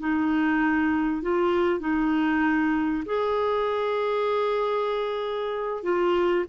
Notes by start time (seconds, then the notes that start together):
0.00 D#4
1.23 F4
1.81 D#4
3.06 G#4
5.84 F4